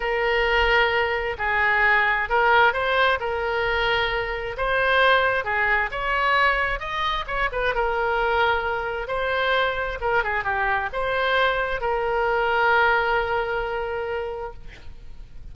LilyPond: \new Staff \with { instrumentName = "oboe" } { \time 4/4 \tempo 4 = 132 ais'2. gis'4~ | gis'4 ais'4 c''4 ais'4~ | ais'2 c''2 | gis'4 cis''2 dis''4 |
cis''8 b'8 ais'2. | c''2 ais'8 gis'8 g'4 | c''2 ais'2~ | ais'1 | }